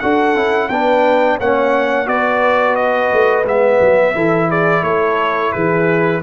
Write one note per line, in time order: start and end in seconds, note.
0.00 0.36 D4
0.00 0.36 F#4
0.00 0.70 A4
0.00 0.69 F#5
0.36 0.70 C#4
0.36 0.70 E4
0.69 1.39 B3
0.69 1.41 D4
0.69 1.38 B4
0.69 1.38 G5
1.38 2.07 A#3
1.38 2.06 C#4
1.38 2.07 C#5
1.38 2.08 F#5
2.06 3.11 B3
2.06 3.44 F#4
2.06 4.15 B4
2.06 2.76 D5
2.76 3.45 D#5
3.12 3.45 A3
3.45 3.80 G#3
3.45 4.15 B3
3.45 4.51 E5
3.80 4.15 F#3
4.15 4.82 E3
4.15 6.22 E4
4.15 4.49 A4
4.49 4.84 G#4
4.49 4.84 D5
4.82 5.51 A3
4.82 5.53 A4
4.82 5.53 C#5
5.53 6.23 E3
5.53 6.22 G#4
5.53 6.22 B4